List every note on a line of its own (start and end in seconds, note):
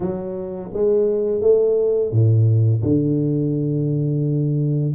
0.00 0.71 F#3
0.73 1.41 G#3
1.41 2.11 A3
2.11 2.82 A2
2.82 4.94 D3